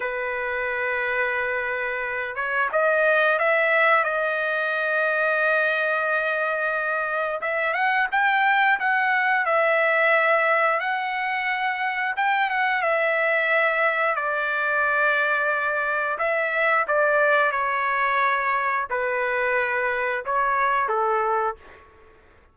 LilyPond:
\new Staff \with { instrumentName = "trumpet" } { \time 4/4 \tempo 4 = 89 b'2.~ b'8 cis''8 | dis''4 e''4 dis''2~ | dis''2. e''8 fis''8 | g''4 fis''4 e''2 |
fis''2 g''8 fis''8 e''4~ | e''4 d''2. | e''4 d''4 cis''2 | b'2 cis''4 a'4 | }